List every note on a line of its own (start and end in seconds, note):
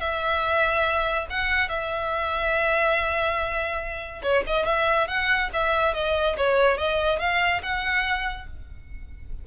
0.00 1.27 E5
1.30 1.69 F#5
1.69 4.22 E5
4.23 4.44 C#5
4.47 4.66 D#5
4.66 5.08 E5
5.08 5.50 F#5
5.53 5.94 E5
5.94 6.36 D#5
6.37 6.78 C#5
6.78 7.19 D#5
7.19 7.62 F5
7.62 8.47 F#5